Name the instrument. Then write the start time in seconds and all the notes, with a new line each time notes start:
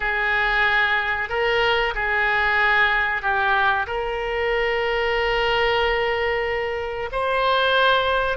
oboe
0.00 G#4
1.29 A#4
1.94 G#4
3.21 G4
3.87 A#4
7.11 C5